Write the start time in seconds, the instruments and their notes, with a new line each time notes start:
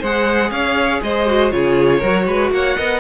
0.00 cello G#3, viola G#4, violin C5 F#5
0.51 cello C#4, violin C#5 F5
1.03 cello G#3, violin C5 D#5
1.27 viola F#4
1.51 cello C#3, viola F4, violin G#4 C#5
1.99 cello F#3, violin A#4
2.05 viola F#4
2.27 cello G#3, violin B4
2.51 cello A#3, violin C#5 F#5
2.77 cello B3, viola A#4, violin D#5